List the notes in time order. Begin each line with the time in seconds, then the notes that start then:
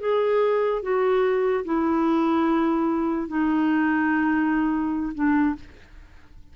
0.00 G#4
0.82 F#4
1.65 E4
3.28 D#4
5.14 D4